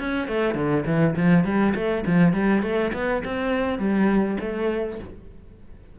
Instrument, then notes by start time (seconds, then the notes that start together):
cello
0.00 C#4
0.28 A3
0.55 D3
0.86 E3
1.17 F3
1.45 G3
1.75 A3
2.07 F3
2.33 G3
2.63 A3
2.94 B3
3.25 C4
3.79 G3
4.40 A3